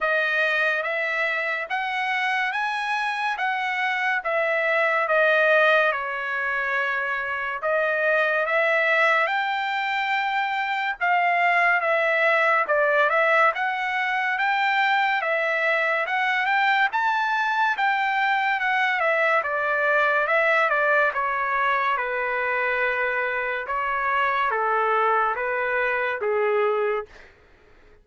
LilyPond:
\new Staff \with { instrumentName = "trumpet" } { \time 4/4 \tempo 4 = 71 dis''4 e''4 fis''4 gis''4 | fis''4 e''4 dis''4 cis''4~ | cis''4 dis''4 e''4 g''4~ | g''4 f''4 e''4 d''8 e''8 |
fis''4 g''4 e''4 fis''8 g''8 | a''4 g''4 fis''8 e''8 d''4 | e''8 d''8 cis''4 b'2 | cis''4 a'4 b'4 gis'4 | }